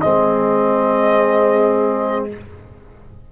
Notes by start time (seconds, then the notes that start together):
0.00 G#3 C4 G#4 D#5